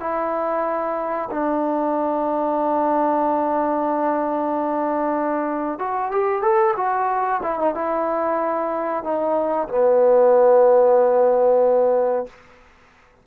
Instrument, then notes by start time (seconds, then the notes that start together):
trombone
0.00 E4
1.31 D4
5.79 F#4
6.11 G4
6.42 A4
6.77 F#4
7.43 E4
7.59 D#4
7.74 E4
9.04 D#4
9.68 B3